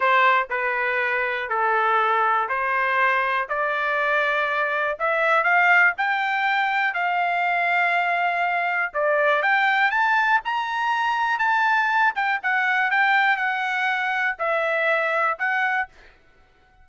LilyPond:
\new Staff \with { instrumentName = "trumpet" } { \time 4/4 \tempo 4 = 121 c''4 b'2 a'4~ | a'4 c''2 d''4~ | d''2 e''4 f''4 | g''2 f''2~ |
f''2 d''4 g''4 | a''4 ais''2 a''4~ | a''8 g''8 fis''4 g''4 fis''4~ | fis''4 e''2 fis''4 | }